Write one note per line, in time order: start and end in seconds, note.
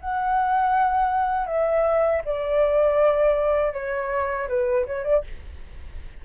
0.00 1.46 F#5
1.46 2.21 E5
2.24 3.73 D5
3.73 4.48 C#5
4.48 4.85 B4
4.85 5.04 C#5
5.04 5.23 D5